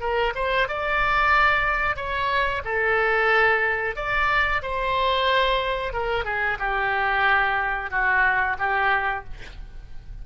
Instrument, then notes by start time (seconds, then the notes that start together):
oboe
0.00 A#4
0.35 C5
0.68 D5
1.96 C#5
2.64 A4
3.96 D5
4.62 C5
5.93 A#4
6.25 G#4
6.59 G4
7.90 F#4
8.58 G4